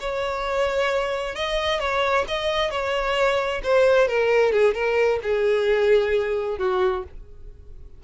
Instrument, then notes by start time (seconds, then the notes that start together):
violin
0.00 C#5
1.35 D#5
1.80 C#5
2.28 D#5
2.70 C#5
3.63 C5
4.08 A#4
4.52 G#4
4.74 A#4
5.22 G#4
6.58 F#4